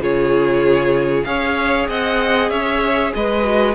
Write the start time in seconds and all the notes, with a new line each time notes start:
0.00 C#3 F4 G#4 C#5
1.24 C#4 G#4 C#5 F5
1.88 C4 D#5 F#5
2.50 C#4 C#5 E5
3.15 G#3 B4 D#5
3.43 F#4